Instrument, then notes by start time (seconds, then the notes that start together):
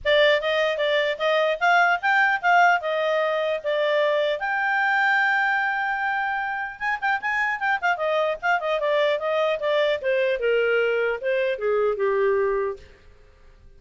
clarinet
0.05 D5
0.41 D#5
0.77 D5
1.18 D#5
1.60 F5
2.01 G5
2.41 F5
2.80 D#5
3.63 D5
4.39 G5
6.79 G#5
7.01 G5
7.21 G#5
7.59 G5
7.81 F5
7.96 D#5
8.42 F5
8.59 D#5
8.79 D5
9.19 D#5
9.59 D5
10.01 C5
10.39 A#4
11.21 C5
11.58 G#4
11.96 G4